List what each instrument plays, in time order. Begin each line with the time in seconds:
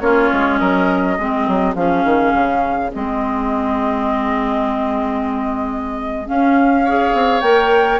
0.00 bassoon A#3, clarinet C#4, oboe F4, flute C#5
0.32 bassoon G#3
0.58 bassoon F#3, oboe A#4, flute D#5
1.17 bassoon G#3, clarinet C4, oboe G#4
1.47 bassoon F#3
1.75 bassoon F3, clarinet C#4, flute F5
2.04 bassoon D#3
2.33 bassoon C#3
2.93 bassoon G#3, clarinet C4, flute D#5
6.26 clarinet C#4, bassoon C#4, flute F5
6.84 clarinet G#4, oboe C#5
7.13 bassoon C4
7.41 bassoon A#3, clarinet A#4, flute G5